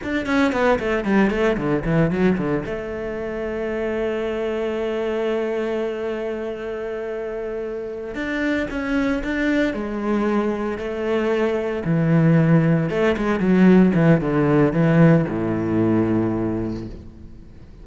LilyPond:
\new Staff \with { instrumentName = "cello" } { \time 4/4 \tempo 4 = 114 d'8 cis'8 b8 a8 g8 a8 d8 e8 | fis8 d8 a2.~ | a1~ | a2.~ a8 d'8~ |
d'8 cis'4 d'4 gis4.~ | gis8 a2 e4.~ | e8 a8 gis8 fis4 e8 d4 | e4 a,2. | }